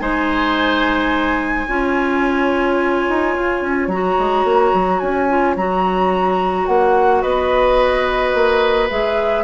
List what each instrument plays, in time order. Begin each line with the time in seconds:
0.00 bassoon G#3, clarinet D#4, oboe C5, flute G#5
1.68 bassoon C#4, clarinet F4, oboe C#5
3.09 bassoon D#4
3.36 bassoon F4
3.62 bassoon C#4
3.88 bassoon F#3, clarinet F#4, flute A#5
4.19 bassoon G#3
4.44 bassoon A#3
4.74 bassoon F#3
4.99 bassoon C#4, flute G#5
5.30 clarinet F4
5.56 bassoon F#3, clarinet F#4, flute A#5
6.66 bassoon A#3, flute F#5
7.22 bassoon B3, oboe B4, flute D#5
8.34 bassoon A#3
8.90 bassoon G#3, clarinet G#4, flute E5